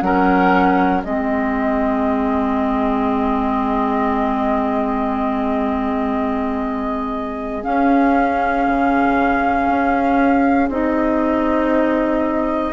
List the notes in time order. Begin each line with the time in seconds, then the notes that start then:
0.00 F#3 C#4 A#4 F#5
1.03 G#3 C4 G#4 D#5
7.64 C#4 F5
8.67 C#3
9.68 C#4
10.68 C4 D#4 D#5